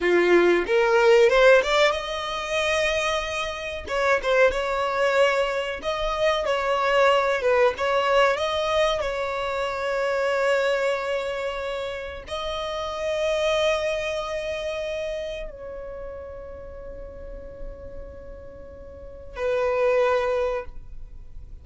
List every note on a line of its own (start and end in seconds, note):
0.00 0.65 F4
0.66 1.29 A#4
1.29 1.61 C5
1.62 1.91 D5
1.91 3.85 D#5
3.87 4.20 C#5
4.22 4.51 C5
4.51 5.80 C#5
5.82 6.45 D#5
6.45 7.41 C#5
7.41 7.74 B4
7.77 8.36 C#5
8.36 9.01 D#5
9.01 12.23 C#5
12.27 15.50 D#5
15.50 19.35 C#5
19.35 20.65 B4